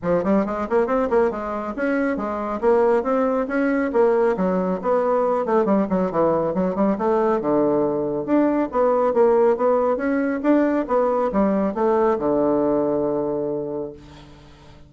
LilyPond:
\new Staff \with { instrumentName = "bassoon" } { \time 4/4 \tempo 4 = 138 f8 g8 gis8 ais8 c'8 ais8 gis4 | cis'4 gis4 ais4 c'4 | cis'4 ais4 fis4 b4~ | b8 a8 g8 fis8 e4 fis8 g8 |
a4 d2 d'4 | b4 ais4 b4 cis'4 | d'4 b4 g4 a4 | d1 | }